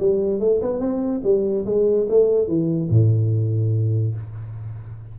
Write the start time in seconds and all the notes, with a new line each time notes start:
0.00 G3
0.40 A3
0.62 B3
0.80 C4
1.24 G3
1.66 G#3
2.09 A3
2.48 E3
2.90 A2